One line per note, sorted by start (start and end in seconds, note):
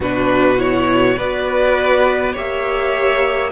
0.00 1.15 B2
0.00 0.57 D4
0.00 1.17 F#4
0.00 0.59 B4
0.57 1.15 E4
0.57 1.18 C#5
1.17 2.35 B3
1.17 2.35 F#4
1.17 2.32 B4
1.17 2.35 D5
2.32 3.51 A#3
2.32 3.51 G4
2.32 3.50 C#5
2.32 3.51 E5